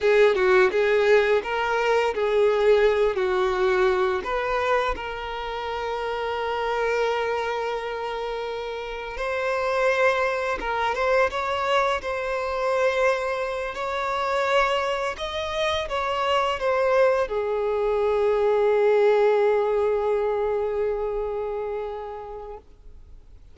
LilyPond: \new Staff \with { instrumentName = "violin" } { \time 4/4 \tempo 4 = 85 gis'8 fis'8 gis'4 ais'4 gis'4~ | gis'8 fis'4. b'4 ais'4~ | ais'1~ | ais'4 c''2 ais'8 c''8 |
cis''4 c''2~ c''8 cis''8~ | cis''4. dis''4 cis''4 c''8~ | c''8 gis'2.~ gis'8~ | gis'1 | }